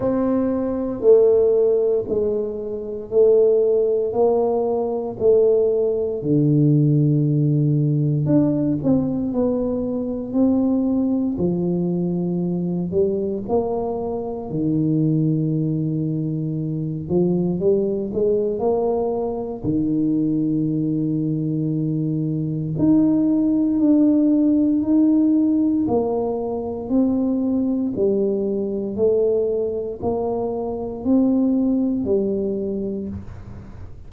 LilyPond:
\new Staff \with { instrumentName = "tuba" } { \time 4/4 \tempo 4 = 58 c'4 a4 gis4 a4 | ais4 a4 d2 | d'8 c'8 b4 c'4 f4~ | f8 g8 ais4 dis2~ |
dis8 f8 g8 gis8 ais4 dis4~ | dis2 dis'4 d'4 | dis'4 ais4 c'4 g4 | a4 ais4 c'4 g4 | }